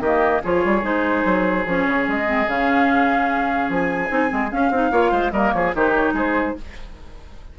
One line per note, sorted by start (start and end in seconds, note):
0.00 0.41 D#3
0.00 0.44 A#3
0.00 0.42 G4
0.00 0.42 D#5
0.43 0.65 F3
0.43 0.83 F4
0.43 4.92 G#4
0.43 0.85 C#5
0.65 0.83 G3
0.83 1.24 G#3
0.83 1.64 D#4
0.83 1.67 C5
1.25 1.66 F#3
1.66 1.86 F3
1.66 2.26 C#4
1.66 2.08 C#5
1.87 2.08 C#3
2.08 2.47 G#3
2.08 2.50 D#5
2.26 2.46 C4
2.47 3.69 C#3
2.47 4.10 C#4
2.47 3.71 F5
3.69 4.10 F3
3.69 4.52 G#5
4.10 4.31 C4
4.10 4.29 D#4
4.29 4.52 G#3
4.29 4.49 C4
4.52 4.72 C#4
4.52 4.71 C#4
4.52 5.32 F5
4.71 4.91 C4
4.71 4.92 D#4
4.92 5.12 A#3
4.92 5.32 F4
4.92 5.11 C#5
5.11 5.32 G#3
5.11 5.32 C5
5.32 5.53 G3
5.32 5.75 A#3
5.32 5.54 A#4
5.32 5.52 D#5
5.52 5.75 F3
5.52 5.76 G#4
5.52 5.73 C#5
5.75 6.13 D#3
5.75 6.57 D#4
5.75 6.14 G4
5.75 5.94 C5
5.94 6.14 C#5
6.13 6.54 G#3
6.13 6.55 G#4
6.13 6.59 C5